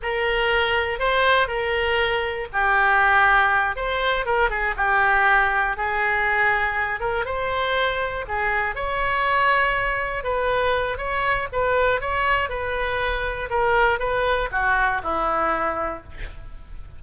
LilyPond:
\new Staff \with { instrumentName = "oboe" } { \time 4/4 \tempo 4 = 120 ais'2 c''4 ais'4~ | ais'4 g'2~ g'8 c''8~ | c''8 ais'8 gis'8 g'2 gis'8~ | gis'2 ais'8 c''4.~ |
c''8 gis'4 cis''2~ cis''8~ | cis''8 b'4. cis''4 b'4 | cis''4 b'2 ais'4 | b'4 fis'4 e'2 | }